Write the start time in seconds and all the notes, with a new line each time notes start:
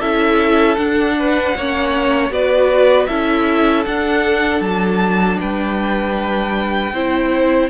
0.00 C#4 E4 A4 E5
0.77 D4 F#5
1.19 B4
1.57 A#3 C#4 C#5
2.30 B3 F#4 B4 D5
3.07 C#4 E4 A4 E5
3.86 D4 F#5
4.61 F#3 A5
5.41 G3 B4 G5
6.93 C4 E4 C5